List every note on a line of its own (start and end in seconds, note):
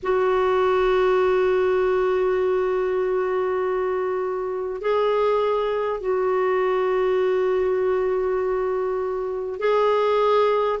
0.02 4.81 F#4
4.81 6.00 G#4
6.00 9.59 F#4
9.59 10.79 G#4